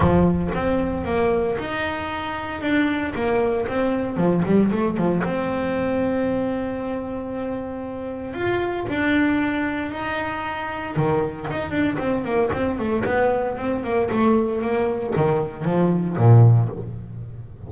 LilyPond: \new Staff \with { instrumentName = "double bass" } { \time 4/4 \tempo 4 = 115 f4 c'4 ais4 dis'4~ | dis'4 d'4 ais4 c'4 | f8 g8 a8 f8 c'2~ | c'1 |
f'4 d'2 dis'4~ | dis'4 dis4 dis'8 d'8 c'8 ais8 | c'8 a8 b4 c'8 ais8 a4 | ais4 dis4 f4 ais,4 | }